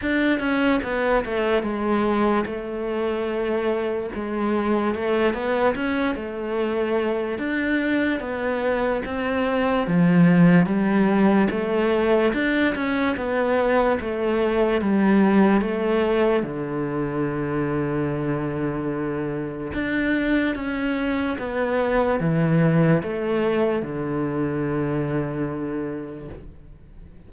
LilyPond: \new Staff \with { instrumentName = "cello" } { \time 4/4 \tempo 4 = 73 d'8 cis'8 b8 a8 gis4 a4~ | a4 gis4 a8 b8 cis'8 a8~ | a4 d'4 b4 c'4 | f4 g4 a4 d'8 cis'8 |
b4 a4 g4 a4 | d1 | d'4 cis'4 b4 e4 | a4 d2. | }